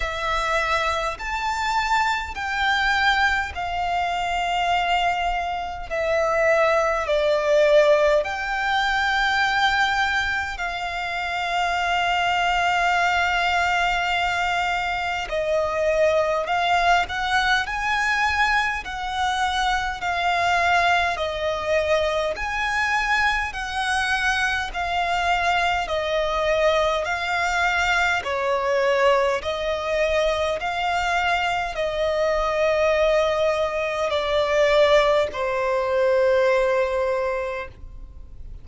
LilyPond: \new Staff \with { instrumentName = "violin" } { \time 4/4 \tempo 4 = 51 e''4 a''4 g''4 f''4~ | f''4 e''4 d''4 g''4~ | g''4 f''2.~ | f''4 dis''4 f''8 fis''8 gis''4 |
fis''4 f''4 dis''4 gis''4 | fis''4 f''4 dis''4 f''4 | cis''4 dis''4 f''4 dis''4~ | dis''4 d''4 c''2 | }